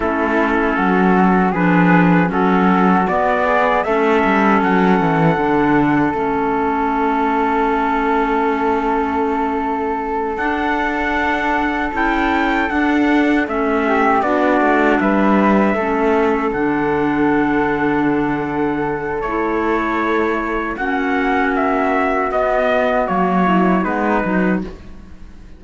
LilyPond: <<
  \new Staff \with { instrumentName = "trumpet" } { \time 4/4 \tempo 4 = 78 a'2 b'4 a'4 | d''4 e''4 fis''2 | e''1~ | e''4. fis''2 g''8~ |
g''8 fis''4 e''4 d''4 e''8~ | e''4. fis''2~ fis''8~ | fis''4 cis''2 fis''4 | e''4 dis''4 cis''4 b'4 | }
  \new Staff \with { instrumentName = "flute" } { \time 4/4 e'4 fis'4 gis'4 fis'4~ | fis'8 gis'8 a'2.~ | a'1~ | a'1~ |
a'2 g'8 fis'4 b'8~ | b'8 a'2.~ a'8~ | a'2. fis'4~ | fis'2~ fis'8 e'8 dis'4 | }
  \new Staff \with { instrumentName = "clarinet" } { \time 4/4 cis'2 d'4 cis'4 | b4 cis'2 d'4 | cis'1~ | cis'4. d'2 e'8~ |
e'8 d'4 cis'4 d'4.~ | d'8 cis'4 d'2~ d'8~ | d'4 e'2 cis'4~ | cis'4 b4 ais4 b8 dis'8 | }
  \new Staff \with { instrumentName = "cello" } { \time 4/4 a4 fis4 f4 fis4 | b4 a8 g8 fis8 e8 d4 | a1~ | a4. d'2 cis'8~ |
cis'8 d'4 a4 b8 a8 g8~ | g8 a4 d2~ d8~ | d4 a2 ais4~ | ais4 b4 fis4 gis8 fis8 | }
>>